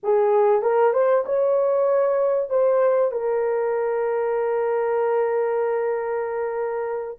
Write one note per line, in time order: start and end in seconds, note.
0.03 0.61 G#4
0.61 0.93 A#4
0.93 1.24 C5
1.25 2.49 C#5
2.49 3.11 C5
3.11 7.18 A#4